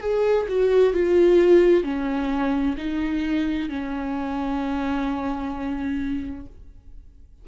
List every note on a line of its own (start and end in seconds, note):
0.00 0.46 G#4
0.49 0.93 F#4
0.93 1.83 F4
1.83 2.75 C#4
2.77 3.69 D#4
3.69 6.46 C#4